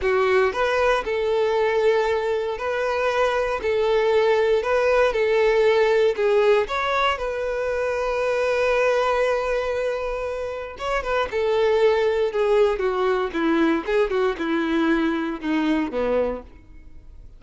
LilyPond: \new Staff \with { instrumentName = "violin" } { \time 4/4 \tempo 4 = 117 fis'4 b'4 a'2~ | a'4 b'2 a'4~ | a'4 b'4 a'2 | gis'4 cis''4 b'2~ |
b'1~ | b'4 cis''8 b'8 a'2 | gis'4 fis'4 e'4 gis'8 fis'8 | e'2 dis'4 b4 | }